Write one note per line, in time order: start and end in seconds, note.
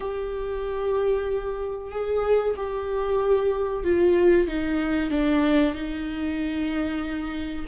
0.00 1.91 G4
1.91 2.54 G#4
2.56 3.84 G4
3.84 4.47 F4
4.47 5.10 D#4
5.10 5.74 D4
5.74 7.66 D#4